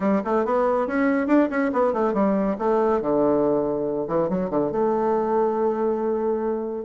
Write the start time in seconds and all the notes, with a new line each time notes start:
0.00 G3
0.24 A3
0.45 B3
0.87 C#4
1.27 D4
1.49 C#4
1.73 B3
1.93 A3
2.13 G3
2.58 A3
3.01 D3
4.07 E3
4.29 F#3
4.50 D3
4.71 A3